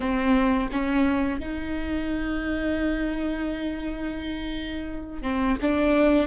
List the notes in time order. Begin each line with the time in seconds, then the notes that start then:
0.00 C4
0.72 C#4
1.40 D#4
5.22 C4
5.61 D4